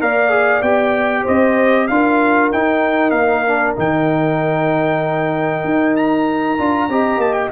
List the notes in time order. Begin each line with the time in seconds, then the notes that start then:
0.00 A#3 A#4 D5 F5
0.30 G#4
0.62 B3 G4 G5
1.22 C4 C5 D#5
1.88 D4 F4 A#4 F5
2.52 D#4 G5
3.11 A#3 F5
3.47 D4
3.76 D#3 D#4 G5
5.64 D#4
5.96 A#5
6.58 D4 F4
6.89 C4 G4 D#5
7.17 A#3 A5
7.33 G5